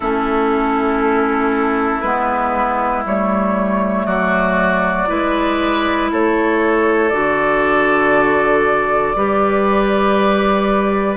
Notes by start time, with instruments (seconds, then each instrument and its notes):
0.00 bassoon A3, clarinet C#4, oboe E4, flute A4
2.00 bassoon G#3, clarinet B3, flute B4
3.05 bassoon G3, clarinet A3, flute C#5
4.06 bassoon F#3, oboe F#4, flute D5
5.07 bassoon G#3, clarinet E4, oboe B4
6.11 bassoon A3, oboe A4, flute C#5
7.09 bassoon D3, clarinet F#4, flute D5
9.15 bassoon G3, clarinet G4, oboe B4